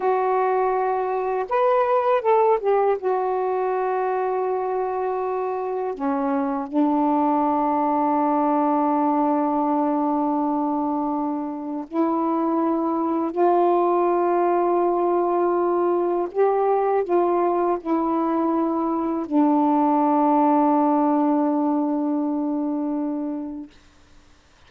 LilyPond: \new Staff \with { instrumentName = "saxophone" } { \time 4/4 \tempo 4 = 81 fis'2 b'4 a'8 g'8 | fis'1 | cis'4 d'2.~ | d'1 |
e'2 f'2~ | f'2 g'4 f'4 | e'2 d'2~ | d'1 | }